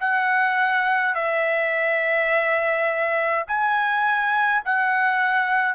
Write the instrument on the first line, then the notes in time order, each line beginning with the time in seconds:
trumpet
0.00 F#5
1.15 E5
3.48 G#5
4.65 F#5